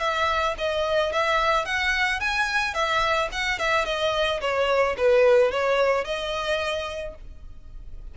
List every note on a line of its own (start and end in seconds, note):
0.00 0.55 E5
0.58 1.13 D#5
1.13 1.66 E5
1.66 2.20 F#5
2.20 2.74 G#5
2.74 3.29 E5
3.32 3.59 F#5
3.59 3.86 E5
3.86 4.41 D#5
4.41 4.96 C#5
4.97 5.51 B4
5.51 6.05 C#5
6.05 7.15 D#5